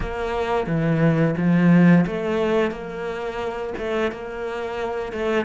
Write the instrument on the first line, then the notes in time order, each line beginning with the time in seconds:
cello
0.00 A#3
0.66 E3
1.37 F3
2.06 A3
2.71 A#3
3.77 A3
4.11 A#3
5.12 A3